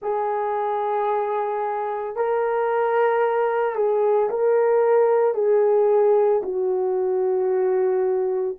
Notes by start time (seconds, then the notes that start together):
0.02 G#4
2.15 A#4
3.75 G#4
4.29 A#4
5.34 G#4
6.42 F#4